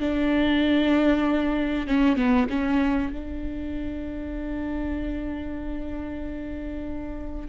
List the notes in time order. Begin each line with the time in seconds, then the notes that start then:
0.00 D4
1.87 C#4
2.16 B3
2.49 C#4
3.12 D4